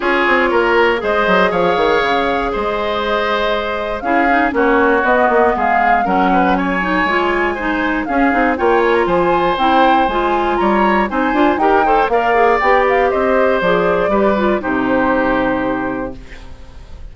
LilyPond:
<<
  \new Staff \with { instrumentName = "flute" } { \time 4/4 \tempo 4 = 119 cis''2 dis''4 f''4~ | f''4 dis''2. | f''4 cis''4 dis''4 f''4 | fis''4 gis''2. |
f''4 g''8 gis''16 ais''16 gis''4 g''4 | gis''4 ais''4 gis''4 g''4 | f''4 g''8 f''8 dis''4 d''4~ | d''4 c''2. | }
  \new Staff \with { instrumentName = "oboe" } { \time 4/4 gis'4 ais'4 c''4 cis''4~ | cis''4 c''2. | gis'4 fis'2 gis'4 | ais'8 b'8 cis''2 c''4 |
gis'4 cis''4 c''2~ | c''4 cis''4 c''4 ais'8 c''8 | d''2 c''2 | b'4 g'2. | }
  \new Staff \with { instrumentName = "clarinet" } { \time 4/4 f'2 gis'2~ | gis'1 | e'8 dis'8 cis'4 b2 | cis'4. dis'8 f'4 dis'4 |
cis'8 dis'8 f'2 e'4 | f'2 dis'8 f'8 g'8 a'8 | ais'8 gis'8 g'2 gis'4 | g'8 f'8 dis'2. | }
  \new Staff \with { instrumentName = "bassoon" } { \time 4/4 cis'8 c'8 ais4 gis8 fis8 f8 dis8 | cis4 gis2. | cis'4 ais4 b8 ais8 gis4 | fis2 gis2 |
cis'8 c'8 ais4 f4 c'4 | gis4 g4 c'8 d'8 dis'4 | ais4 b4 c'4 f4 | g4 c2. | }
>>